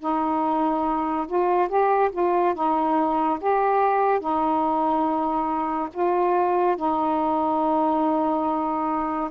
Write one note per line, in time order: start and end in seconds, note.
0.00 1.27 D#4
1.28 1.68 F4
1.68 2.10 G4
2.12 2.54 F4
2.54 3.39 D#4
3.40 4.20 G4
4.20 5.89 D#4
5.93 6.76 F4
6.76 9.30 D#4